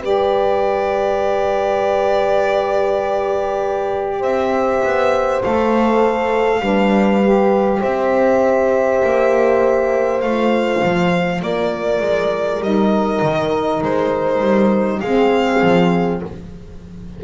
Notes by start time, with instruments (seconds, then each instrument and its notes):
0.00 double bass G3, saxophone G4, horn B4, violin D5
4.19 double bass C4, horn C5, violin E5
4.83 double bass B3
5.43 double bass A3, saxophone A4, violin F5
6.60 double bass G3, saxophone D4, horn B4
7.22 saxophone G4
7.80 double bass C4, horn C5, violin E5
9.04 double bass A#3
10.21 double bass A3, saxophone F4, violin F5
10.83 double bass F3
11.42 double bass A#3, horn A#4, violin D5
12.00 double bass G#3
12.60 double bass G3, saxophone D#4, violin D#5
13.22 double bass D#3
13.82 double bass G#3, violin C5
14.41 double bass G3
15.00 double bass G#3, saxophone C4, horn G#4, violin F5
15.62 double bass F3